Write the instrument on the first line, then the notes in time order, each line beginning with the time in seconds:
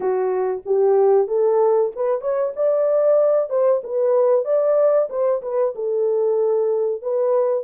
horn
0.00 F#4
0.65 G4
1.27 A4
1.95 B4
2.21 C#5
2.56 D5
3.49 C5
3.83 B4
4.44 D5
5.09 C5
5.41 B4
5.75 A4
7.02 B4